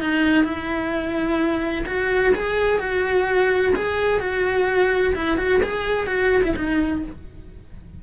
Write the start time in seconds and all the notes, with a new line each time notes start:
0.00 D#4
0.44 E4
1.86 F#4
2.35 G#4
2.79 F#4
3.75 G#4
4.20 F#4
5.15 E4
5.37 F#4
5.62 G#4
6.07 F#4
6.43 E4
6.56 D#4